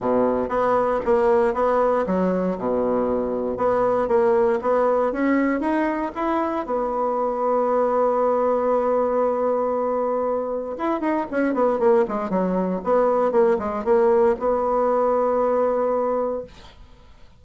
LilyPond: \new Staff \with { instrumentName = "bassoon" } { \time 4/4 \tempo 4 = 117 b,4 b4 ais4 b4 | fis4 b,2 b4 | ais4 b4 cis'4 dis'4 | e'4 b2.~ |
b1~ | b4 e'8 dis'8 cis'8 b8 ais8 gis8 | fis4 b4 ais8 gis8 ais4 | b1 | }